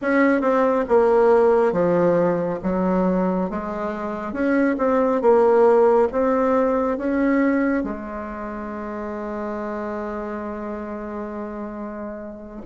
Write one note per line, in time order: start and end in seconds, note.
0.01 0.41 C#4
0.41 0.84 C4
0.88 1.72 A#3
1.72 2.59 F3
2.63 3.50 F#3
3.50 4.32 G#3
4.32 4.76 C#4
4.78 5.21 C4
5.21 6.08 A#3
6.12 6.97 C4
6.97 7.83 C#4
7.83 12.62 G#3